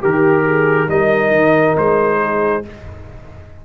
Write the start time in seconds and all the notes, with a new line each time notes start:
0.00 D#3 G4 A#4
0.45 G#4
0.88 G3 D#4 A#4 D#5
1.30 D#3
1.77 G#3 C5
2.21 G#4